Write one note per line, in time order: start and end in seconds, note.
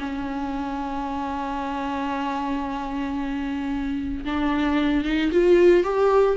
0.00 4.25 C#4
4.25 5.05 D4
5.05 5.31 D#4
5.32 5.84 F4
5.84 6.37 G4